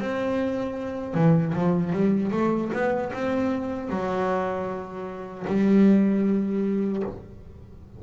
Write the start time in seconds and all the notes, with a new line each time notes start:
0.00 C4
1.15 E3
1.54 F3
1.93 G3
2.32 A3
2.73 B3
3.13 C4
3.90 F#3
5.48 G3